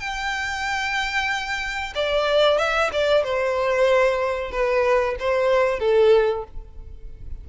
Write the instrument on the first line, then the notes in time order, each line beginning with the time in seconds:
violin
0.00 G5
1.95 D5
2.58 E5
2.93 D5
3.24 C5
4.52 B4
5.20 C5
5.80 A4